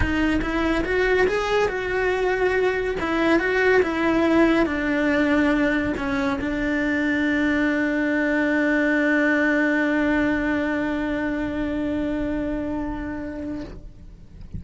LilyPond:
\new Staff \with { instrumentName = "cello" } { \time 4/4 \tempo 4 = 141 dis'4 e'4 fis'4 gis'4 | fis'2. e'4 | fis'4 e'2 d'4~ | d'2 cis'4 d'4~ |
d'1~ | d'1~ | d'1~ | d'1 | }